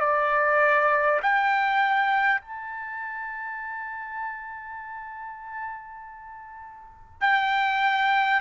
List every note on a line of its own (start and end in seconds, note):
0.00 1.20 D5
1.23 2.41 G5
2.41 7.21 A5
7.21 8.41 G5